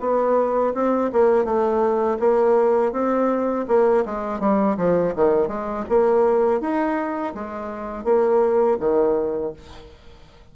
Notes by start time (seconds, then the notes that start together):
0.00 B3
0.74 C4
1.12 A#3
1.44 A3
2.19 A#3
2.92 C4
3.68 A#3
4.05 G#3
4.40 G3
4.77 F3
5.15 D#3
5.47 G#3
5.89 A#3
6.60 D#4
7.34 G#3
8.04 A#3
8.79 D#3